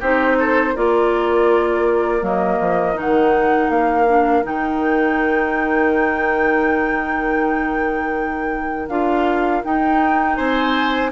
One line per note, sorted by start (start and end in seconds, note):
0.00 0.75 C4
0.00 0.76 D#4
0.00 0.37 G4
0.00 0.77 C5
0.40 0.74 A4
0.74 2.22 A#3
0.74 2.22 F4
0.74 10.37 A#4
0.74 2.25 D5
2.22 2.59 F#3
2.22 2.94 A#3
2.22 3.00 D#5
2.60 2.95 F3
2.94 3.69 D#3
2.94 4.05 D#4
2.94 3.70 F#5
3.69 4.43 A#3
3.69 4.44 F5
4.08 4.44 D4
4.44 8.88 D#3
4.44 8.88 D#4
4.44 8.89 G5
8.88 9.62 D4
8.88 9.64 F4
8.88 9.63 F5
9.64 11.12 D#4
9.64 10.39 D#4
9.64 10.36 G5
10.36 11.12 C4
10.36 11.11 C5
10.36 11.10 G#5